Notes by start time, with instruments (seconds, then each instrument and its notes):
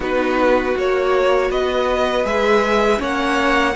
0.00 cello B3, viola D#4, violin F#4 B4
0.75 cello A#3, viola F#4, violin C#5
1.49 cello B3, violin B4 D#5
2.24 cello G#3, viola G#4, violin E5
2.97 cello A#3, viola C#4, violin C#5 F#5